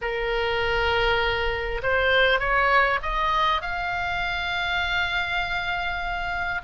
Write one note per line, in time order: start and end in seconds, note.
0.01 1.81 A#4
1.82 2.39 C5
2.39 2.99 C#5
3.02 3.61 D#5
3.61 6.61 F5